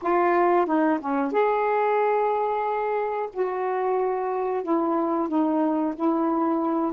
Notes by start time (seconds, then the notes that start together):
0.02 F4
0.66 D#4
1.00 C#4
1.32 G#4
3.33 F#4
4.63 E4
5.28 D#4
5.95 E4